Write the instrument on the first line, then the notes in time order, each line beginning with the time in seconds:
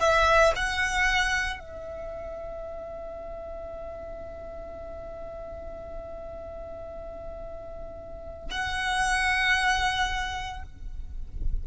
violin
0.00 E5
0.56 F#5
1.60 E5
8.51 F#5